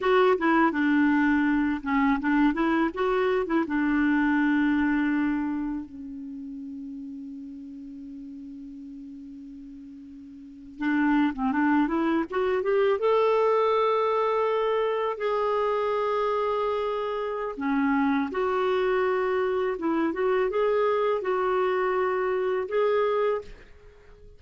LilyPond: \new Staff \with { instrumentName = "clarinet" } { \time 4/4 \tempo 4 = 82 fis'8 e'8 d'4. cis'8 d'8 e'8 | fis'8. e'16 d'2. | cis'1~ | cis'2~ cis'8. d'8. c'16 d'16~ |
d'16 e'8 fis'8 g'8 a'2~ a'16~ | a'8. gis'2.~ gis'16 | cis'4 fis'2 e'8 fis'8 | gis'4 fis'2 gis'4 | }